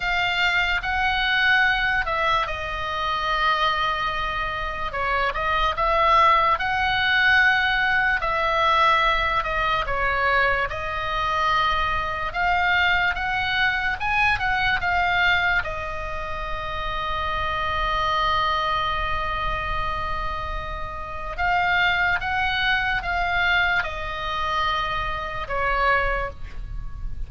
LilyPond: \new Staff \with { instrumentName = "oboe" } { \time 4/4 \tempo 4 = 73 f''4 fis''4. e''8 dis''4~ | dis''2 cis''8 dis''8 e''4 | fis''2 e''4. dis''8 | cis''4 dis''2 f''4 |
fis''4 gis''8 fis''8 f''4 dis''4~ | dis''1~ | dis''2 f''4 fis''4 | f''4 dis''2 cis''4 | }